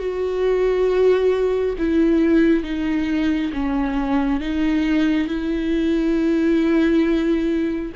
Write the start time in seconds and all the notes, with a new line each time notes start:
0.00 F#4
1.79 E4
2.64 D#4
3.53 C#4
4.41 D#4
5.28 E4